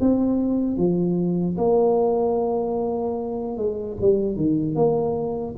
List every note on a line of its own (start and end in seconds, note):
0.00 0.77 C4
0.77 1.57 F3
1.57 3.57 A#3
3.57 3.97 G#3
4.01 4.36 G3
4.36 4.76 D#3
4.76 5.55 A#3